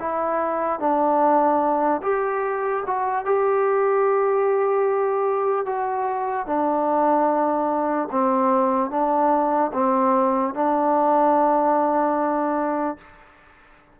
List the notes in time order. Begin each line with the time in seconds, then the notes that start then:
0.00 E4
0.80 D4
2.03 G4
2.87 F#4
3.26 G4
5.66 F#4
6.47 D4
8.12 C4
8.90 D4
9.74 C4
10.55 D4